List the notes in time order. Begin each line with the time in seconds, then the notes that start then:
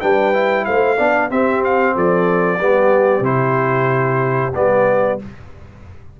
0.00 G3 D4 B4 G5
0.33 E4
0.65 A3 C5 F5
0.96 B3 D4 D5
1.29 C4 G4 E5
1.64 F5
1.94 F3 A4 D5
2.59 G3 B3 G4
3.20 C3 E4 C5
4.54 G3 B3 D5